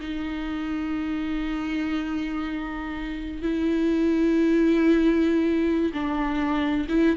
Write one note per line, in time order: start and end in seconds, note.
0.00 3.42 D#4
3.42 5.92 E4
5.93 6.87 D4
6.89 7.16 E4